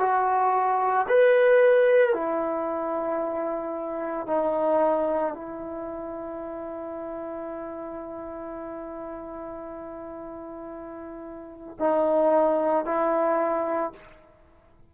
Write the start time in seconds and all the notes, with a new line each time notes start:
0.00 F#4
1.09 B4
2.14 E4
4.27 D#4
5.34 E4
11.80 D#4
12.86 E4